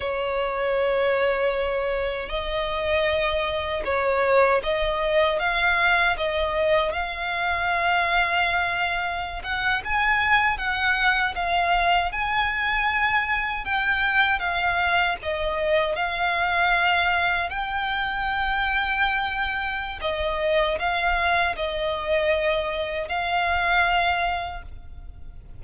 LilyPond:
\new Staff \with { instrumentName = "violin" } { \time 4/4 \tempo 4 = 78 cis''2. dis''4~ | dis''4 cis''4 dis''4 f''4 | dis''4 f''2.~ | f''16 fis''8 gis''4 fis''4 f''4 gis''16~ |
gis''4.~ gis''16 g''4 f''4 dis''16~ | dis''8. f''2 g''4~ g''16~ | g''2 dis''4 f''4 | dis''2 f''2 | }